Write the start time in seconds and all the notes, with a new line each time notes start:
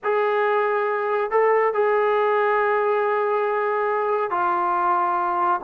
0.03 G#4
1.30 A4
1.73 G#4
4.30 F4